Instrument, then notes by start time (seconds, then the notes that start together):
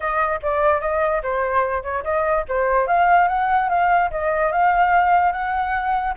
flute
0.00 D#5
0.42 D5
0.81 D#5
1.22 C5
1.83 C#5
2.03 D#5
2.48 C5
2.87 F5
3.28 F#5
3.69 F5
4.10 D#5
4.51 F5
5.32 F#5